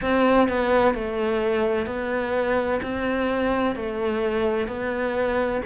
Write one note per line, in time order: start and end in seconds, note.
0.01 0.48 C4
0.48 0.94 B3
0.94 1.86 A3
1.86 2.80 B3
2.82 3.75 C4
3.75 4.67 A3
4.67 5.61 B3